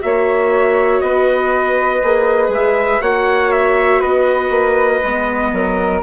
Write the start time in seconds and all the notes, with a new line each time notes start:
0.00 A#3 F#4 C#5 E5
1.01 B3 B4 D#5
2.04 A#3 G#4
2.49 G#3 E5
3.01 A#3 F#4 C#5 F#5
3.52 E5
4.01 B3 B4 D#5
4.51 A#3
5.04 G#3 B3
5.53 F#3 A#4